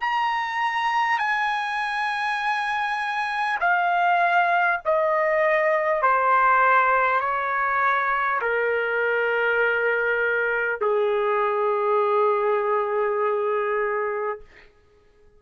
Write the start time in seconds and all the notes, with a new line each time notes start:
0.00 A#5
1.18 G#5
3.60 F5
4.84 D#5
6.02 C5
7.20 C#5
8.41 A#4
10.81 G#4